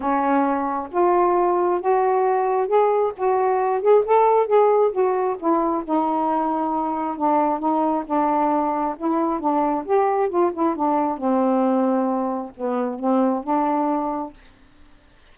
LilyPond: \new Staff \with { instrumentName = "saxophone" } { \time 4/4 \tempo 4 = 134 cis'2 f'2 | fis'2 gis'4 fis'4~ | fis'8 gis'8 a'4 gis'4 fis'4 | e'4 dis'2. |
d'4 dis'4 d'2 | e'4 d'4 g'4 f'8 e'8 | d'4 c'2. | b4 c'4 d'2 | }